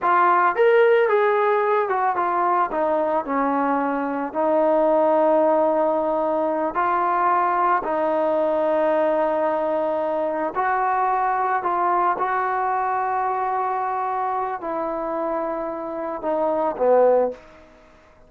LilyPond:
\new Staff \with { instrumentName = "trombone" } { \time 4/4 \tempo 4 = 111 f'4 ais'4 gis'4. fis'8 | f'4 dis'4 cis'2 | dis'1~ | dis'8 f'2 dis'4.~ |
dis'2.~ dis'8 fis'8~ | fis'4. f'4 fis'4.~ | fis'2. e'4~ | e'2 dis'4 b4 | }